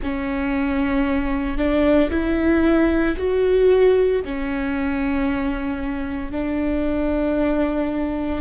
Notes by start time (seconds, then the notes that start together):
0.02 C#4
1.57 D4
2.10 E4
3.17 F#4
4.24 C#4
6.32 D4